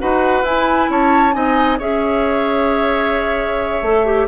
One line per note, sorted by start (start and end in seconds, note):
0.00 0.43 D#4
0.00 0.45 F#4
0.00 0.91 B4
0.00 0.45 F#5
0.43 0.88 E4
0.43 1.33 E4
0.43 0.91 G#5
0.90 1.35 C#4
0.90 1.36 C#5
0.90 1.34 A5
1.33 1.80 C4
1.33 1.78 D#4
1.33 1.79 D#5
1.33 1.79 G#5
1.79 3.82 C#4
1.79 3.83 G#4
1.79 4.27 C#5
1.79 4.29 E5
3.82 4.27 A3
3.82 4.06 A4
4.06 4.28 G4